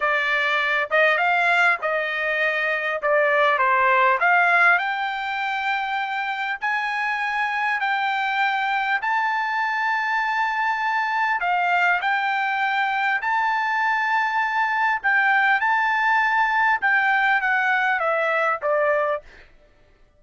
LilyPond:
\new Staff \with { instrumentName = "trumpet" } { \time 4/4 \tempo 4 = 100 d''4. dis''8 f''4 dis''4~ | dis''4 d''4 c''4 f''4 | g''2. gis''4~ | gis''4 g''2 a''4~ |
a''2. f''4 | g''2 a''2~ | a''4 g''4 a''2 | g''4 fis''4 e''4 d''4 | }